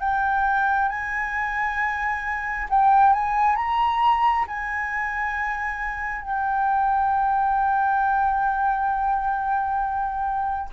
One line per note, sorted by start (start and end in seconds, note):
0.00 0.89 G5
0.89 2.68 G#5
2.69 3.13 G5
3.13 3.56 G#5
3.56 4.46 A#5
4.48 6.22 G#5
6.22 10.69 G5